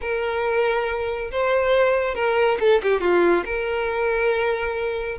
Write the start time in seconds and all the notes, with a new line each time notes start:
0.01 A#4
1.31 C5
2.14 A#4
2.60 A4
2.82 G4
3.00 F4
3.45 A#4